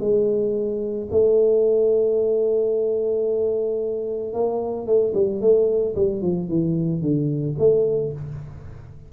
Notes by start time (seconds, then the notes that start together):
0.00 G#3
1.11 A3
4.33 A#3
4.86 A3
5.14 G3
5.41 A3
5.95 G3
6.22 F3
6.48 E3
7.01 D3
7.58 A3